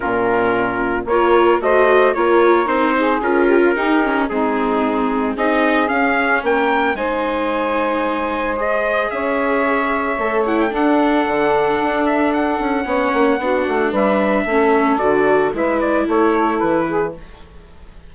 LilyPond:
<<
  \new Staff \with { instrumentName = "trumpet" } { \time 4/4 \tempo 4 = 112 ais'2 cis''4 dis''4 | cis''4 c''4 ais'2 | gis'2 dis''4 f''4 | g''4 gis''2. |
dis''4 e''2~ e''8 fis''16 g''16 | fis''2~ fis''8 e''8 fis''4~ | fis''2 e''2 | d''4 e''8 d''8 cis''4 b'4 | }
  \new Staff \with { instrumentName = "saxophone" } { \time 4/4 f'2 ais'4 c''4 | ais'4. gis'4 g'16 f'16 g'4 | dis'2 gis'2 | ais'4 c''2.~ |
c''4 cis''2. | a'1 | cis''4 fis'4 b'4 a'4~ | a'4 b'4 a'4. gis'8 | }
  \new Staff \with { instrumentName = "viola" } { \time 4/4 cis'2 f'4 fis'4 | f'4 dis'4 f'4 dis'8 cis'8 | c'2 dis'4 cis'4~ | cis'4 dis'2. |
gis'2. a'8 e'8 | d'1 | cis'4 d'2 cis'4 | fis'4 e'2. | }
  \new Staff \with { instrumentName = "bassoon" } { \time 4/4 ais,2 ais4 a4 | ais4 c'4 cis'4 dis'4 | gis2 c'4 cis'4 | ais4 gis2.~ |
gis4 cis'2 a4 | d'4 d4 d'4. cis'8 | b8 ais8 b8 a8 g4 a4 | d4 gis4 a4 e4 | }
>>